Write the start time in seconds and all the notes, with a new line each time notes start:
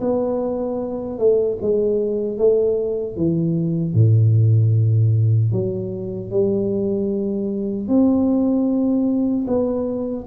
0.00 B3
1.18 A3
1.61 G#3
2.38 A3
3.16 E3
3.94 A2
5.52 F#3
6.30 G3
7.87 C4
9.47 B3